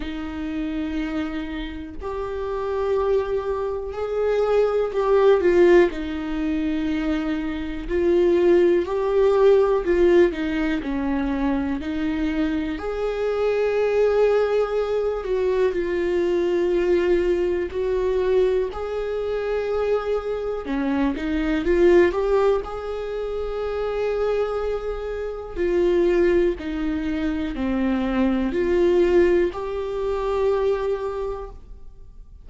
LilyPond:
\new Staff \with { instrumentName = "viola" } { \time 4/4 \tempo 4 = 61 dis'2 g'2 | gis'4 g'8 f'8 dis'2 | f'4 g'4 f'8 dis'8 cis'4 | dis'4 gis'2~ gis'8 fis'8 |
f'2 fis'4 gis'4~ | gis'4 cis'8 dis'8 f'8 g'8 gis'4~ | gis'2 f'4 dis'4 | c'4 f'4 g'2 | }